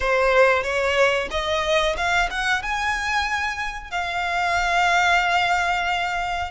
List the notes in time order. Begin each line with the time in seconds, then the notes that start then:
0.00 C5
0.63 C#5
1.30 D#5
1.96 F5
2.30 F#5
2.62 G#5
3.90 F5